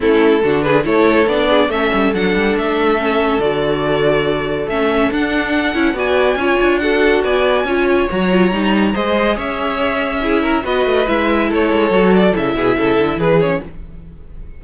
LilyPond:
<<
  \new Staff \with { instrumentName = "violin" } { \time 4/4 \tempo 4 = 141 a'4. b'8 cis''4 d''4 | e''4 fis''4 e''2 | d''2. e''4 | fis''2 gis''2 |
fis''4 gis''2 ais''4~ | ais''4 dis''4 e''2~ | e''4 dis''4 e''4 cis''4~ | cis''8 d''8 e''2 b'8 cis''8 | }
  \new Staff \with { instrumentName = "violin" } { \time 4/4 e'4 fis'8 gis'8 a'4. gis'8 | a'1~ | a'1~ | a'2 d''4 cis''4 |
a'4 d''4 cis''2~ | cis''4 c''4 cis''2 | gis'8 ais'8 b'2 a'4~ | a'4. gis'8 a'4 gis'4 | }
  \new Staff \with { instrumentName = "viola" } { \time 4/4 cis'4 d'4 e'4 d'4 | cis'4 d'2 cis'4 | fis'2. cis'4 | d'4. e'8 fis'4 f'4 |
fis'2 f'4 fis'8 f'8 | dis'4 gis'2. | e'4 fis'4 e'2 | fis'4 e'2~ e'8 cis'8 | }
  \new Staff \with { instrumentName = "cello" } { \time 4/4 a4 d4 a4 b4 | a8 g8 fis8 g8 a2 | d2. a4 | d'4. cis'8 b4 cis'8 d'8~ |
d'4 b4 cis'4 fis4 | g4 gis4 cis'2~ | cis'4 b8 a8 gis4 a8 gis8 | fis4 cis8 b,8 cis8 d8 e4 | }
>>